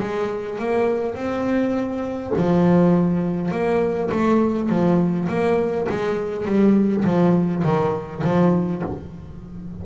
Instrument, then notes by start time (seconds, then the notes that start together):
double bass
0.00 G#3
0.59 A#3
1.14 C4
2.36 F3
3.51 A#3
4.11 A3
4.69 F3
5.28 A#3
5.89 G#3
6.45 G3
7.04 F3
7.64 D#3
8.24 F3